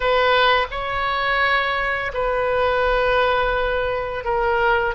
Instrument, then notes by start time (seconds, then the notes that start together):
oboe
0.00 B4
0.71 C#5
2.13 B4
4.24 A#4